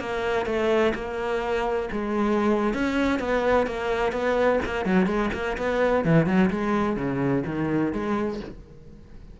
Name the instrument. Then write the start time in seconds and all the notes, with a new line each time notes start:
cello
0.00 A#3
0.46 A3
0.95 A#3
1.92 G#3
2.74 C#4
3.20 B3
3.67 A#3
4.13 B3
4.65 A#3
4.86 F#3
5.07 G#3
5.34 A#3
5.57 B3
6.05 E3
6.26 F#3
6.50 G#3
6.97 C#3
7.46 D#3
7.93 G#3